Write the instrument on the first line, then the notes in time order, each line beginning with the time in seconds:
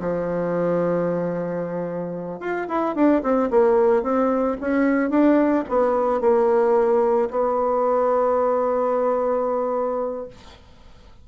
bassoon
0.00 F3
2.40 F4
2.69 E4
2.95 D4
3.23 C4
3.51 A#3
4.03 C4
4.61 C#4
5.10 D4
5.69 B3
6.21 A#3
7.31 B3